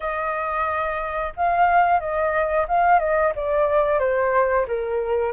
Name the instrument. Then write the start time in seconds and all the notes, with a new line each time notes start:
flute
0.00 D#5
1.36 F5
1.99 D#5
2.68 F5
2.99 D#5
3.35 D5
3.99 C5
4.67 A#4